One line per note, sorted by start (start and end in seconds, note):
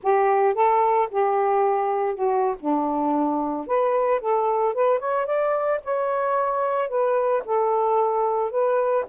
0.03 0.54 G4
0.54 1.08 A4
1.10 2.14 G4
2.14 2.55 F#4
2.60 3.66 D4
3.66 4.20 B4
4.20 4.73 A4
4.73 4.99 B4
4.99 5.26 C#5
5.26 5.80 D5
5.84 6.88 C#5
6.88 7.43 B4
7.45 8.51 A4
8.51 9.05 B4